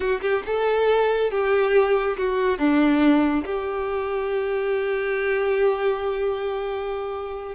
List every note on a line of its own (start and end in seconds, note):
0.00 0.21 F#4
0.21 0.42 G4
0.46 1.30 A4
1.30 2.17 G4
2.17 2.58 F#4
2.58 3.44 D4
3.45 7.55 G4